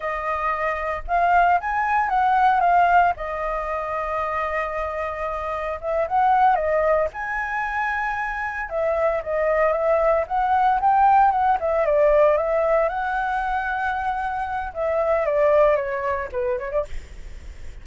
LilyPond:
\new Staff \with { instrumentName = "flute" } { \time 4/4 \tempo 4 = 114 dis''2 f''4 gis''4 | fis''4 f''4 dis''2~ | dis''2. e''8 fis''8~ | fis''8 dis''4 gis''2~ gis''8~ |
gis''8 e''4 dis''4 e''4 fis''8~ | fis''8 g''4 fis''8 e''8 d''4 e''8~ | e''8 fis''2.~ fis''8 | e''4 d''4 cis''4 b'8 cis''16 d''16 | }